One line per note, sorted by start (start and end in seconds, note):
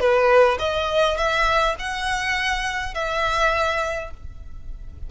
0.00 0.58 B4
0.60 1.18 D#5
1.18 1.76 E5
1.80 2.94 F#5
2.94 4.11 E5